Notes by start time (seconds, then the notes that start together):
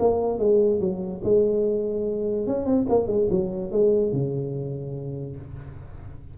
0.00 A#3
0.39 G#3
0.81 F#3
1.24 G#3
2.47 C#4
2.66 C4
2.89 A#3
3.07 G#3
3.31 F#3
3.72 G#3
4.13 C#3